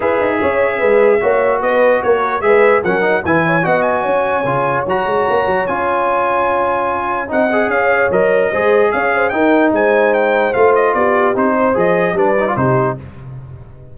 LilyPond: <<
  \new Staff \with { instrumentName = "trumpet" } { \time 4/4 \tempo 4 = 148 e''1 | dis''4 cis''4 e''4 fis''4 | gis''4 fis''8 gis''2~ gis''8 | ais''2 gis''2~ |
gis''2 fis''4 f''4 | dis''2 f''4 g''4 | gis''4 g''4 f''8 dis''8 d''4 | c''4 dis''4 d''4 c''4 | }
  \new Staff \with { instrumentName = "horn" } { \time 4/4 b'4 cis''4 b'4 cis''4 | b'4 ais'4 b'4 ais'4 | b'8 cis''8 dis''4 cis''2~ | cis''1~ |
cis''2 dis''4 cis''4~ | cis''4 c''4 cis''8 c''8 ais'4 | c''2. g'4~ | g'8 c''4. b'4 g'4 | }
  \new Staff \with { instrumentName = "trombone" } { \time 4/4 gis'2. fis'4~ | fis'2 gis'4 cis'8 dis'8 | e'4 fis'2 f'4 | fis'2 f'2~ |
f'2 dis'8 gis'4. | ais'4 gis'2 dis'4~ | dis'2 f'2 | dis'4 gis'4 d'8 dis'16 f'16 dis'4 | }
  \new Staff \with { instrumentName = "tuba" } { \time 4/4 e'8 dis'8 cis'4 gis4 ais4 | b4 ais4 gis4 fis4 | e4 b4 cis'4 cis4 | fis8 gis8 ais8 fis8 cis'2~ |
cis'2 c'4 cis'4 | fis4 gis4 cis'4 dis'4 | gis2 a4 b4 | c'4 f4 g4 c4 | }
>>